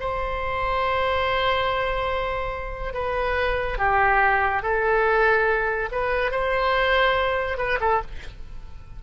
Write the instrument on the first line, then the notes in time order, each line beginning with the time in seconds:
oboe
0.00 C5
2.93 B4
3.78 G4
4.62 A4
5.92 B4
6.31 C5
7.57 B4
7.80 A4